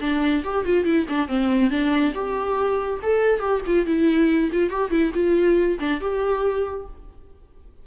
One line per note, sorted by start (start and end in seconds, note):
0.00 0.43 D4
0.44 0.65 G4
0.65 0.85 F4
0.85 1.06 E4
1.09 1.28 D4
1.28 1.70 C4
1.70 2.13 D4
2.14 3.00 G4
3.02 3.39 A4
3.39 3.61 G4
3.66 3.86 F4
3.86 4.50 E4
4.52 4.70 F4
4.70 4.90 G4
4.90 5.12 E4
5.14 5.78 F4
5.79 6.00 D4
6.00 6.86 G4